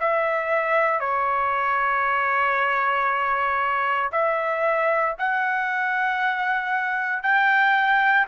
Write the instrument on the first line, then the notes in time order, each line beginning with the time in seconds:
trumpet
0.00 E5
1.00 C#5
4.12 E5
5.19 F#5
7.23 G5